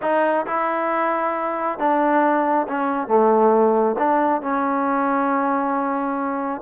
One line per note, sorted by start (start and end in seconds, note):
0.02 0.46 D#4
0.46 1.78 E4
1.78 2.67 D4
2.67 3.07 C#4
3.07 3.95 A3
3.98 4.41 D4
4.41 6.61 C#4